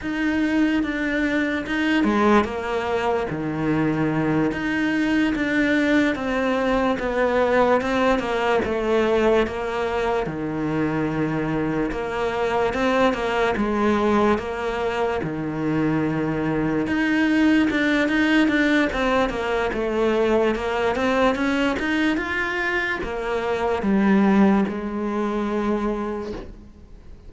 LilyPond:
\new Staff \with { instrumentName = "cello" } { \time 4/4 \tempo 4 = 73 dis'4 d'4 dis'8 gis8 ais4 | dis4. dis'4 d'4 c'8~ | c'8 b4 c'8 ais8 a4 ais8~ | ais8 dis2 ais4 c'8 |
ais8 gis4 ais4 dis4.~ | dis8 dis'4 d'8 dis'8 d'8 c'8 ais8 | a4 ais8 c'8 cis'8 dis'8 f'4 | ais4 g4 gis2 | }